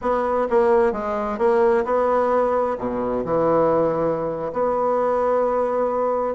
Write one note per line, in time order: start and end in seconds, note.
0.01 0.47 B3
0.50 0.92 A#3
0.92 1.38 G#3
1.38 1.84 A#3
1.84 2.77 B3
2.78 3.24 B2
3.25 4.51 E3
4.53 6.34 B3